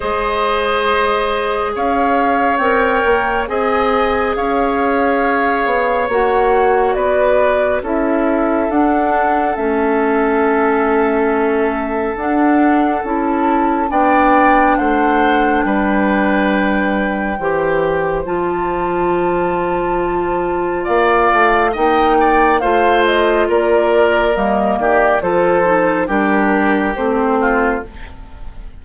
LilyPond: <<
  \new Staff \with { instrumentName = "flute" } { \time 4/4 \tempo 4 = 69 dis''2 f''4 g''4 | gis''4 f''2 fis''4 | d''4 e''4 fis''4 e''4~ | e''2 fis''4 a''4 |
g''4 fis''4 g''2~ | g''4 a''2. | f''4 g''4 f''8 dis''8 d''4 | dis''8 d''8 c''4 ais'4 c''4 | }
  \new Staff \with { instrumentName = "oboe" } { \time 4/4 c''2 cis''2 | dis''4 cis''2. | b'4 a'2.~ | a'1 |
d''4 c''4 b'2 | c''1 | d''4 dis''8 d''8 c''4 ais'4~ | ais'8 g'8 a'4 g'4. f'8 | }
  \new Staff \with { instrumentName = "clarinet" } { \time 4/4 gis'2. ais'4 | gis'2. fis'4~ | fis'4 e'4 d'4 cis'4~ | cis'2 d'4 e'4 |
d'1 | g'4 f'2.~ | f'4 dis'4 f'2 | ais4 f'8 dis'8 d'4 c'4 | }
  \new Staff \with { instrumentName = "bassoon" } { \time 4/4 gis2 cis'4 c'8 ais8 | c'4 cis'4. b8 ais4 | b4 cis'4 d'4 a4~ | a2 d'4 cis'4 |
b4 a4 g2 | e4 f2. | ais8 a8 ais4 a4 ais4 | g8 dis8 f4 g4 a4 | }
>>